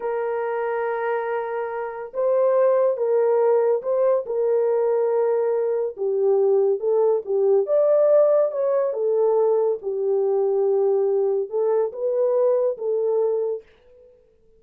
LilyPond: \new Staff \with { instrumentName = "horn" } { \time 4/4 \tempo 4 = 141 ais'1~ | ais'4 c''2 ais'4~ | ais'4 c''4 ais'2~ | ais'2 g'2 |
a'4 g'4 d''2 | cis''4 a'2 g'4~ | g'2. a'4 | b'2 a'2 | }